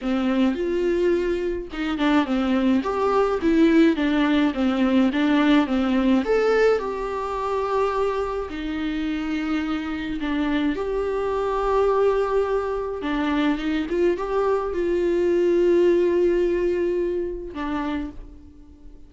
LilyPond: \new Staff \with { instrumentName = "viola" } { \time 4/4 \tempo 4 = 106 c'4 f'2 dis'8 d'8 | c'4 g'4 e'4 d'4 | c'4 d'4 c'4 a'4 | g'2. dis'4~ |
dis'2 d'4 g'4~ | g'2. d'4 | dis'8 f'8 g'4 f'2~ | f'2. d'4 | }